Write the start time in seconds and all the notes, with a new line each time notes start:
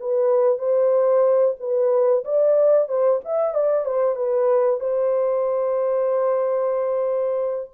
0.00 B4
0.58 C5
1.59 B4
2.24 D5
2.88 C5
3.25 E5
3.55 D5
3.85 C5
4.16 B4
4.80 C5